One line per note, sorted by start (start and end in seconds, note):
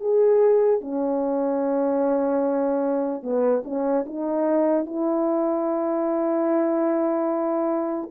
0.00 0.81 G#4
0.81 3.22 C#4
3.22 3.63 B3
3.64 4.05 C#4
4.06 4.86 D#4
4.86 8.10 E4